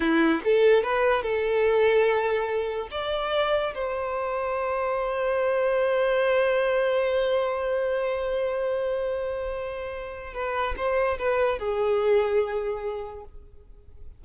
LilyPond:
\new Staff \with { instrumentName = "violin" } { \time 4/4 \tempo 4 = 145 e'4 a'4 b'4 a'4~ | a'2. d''4~ | d''4 c''2.~ | c''1~ |
c''1~ | c''1~ | c''4 b'4 c''4 b'4 | gis'1 | }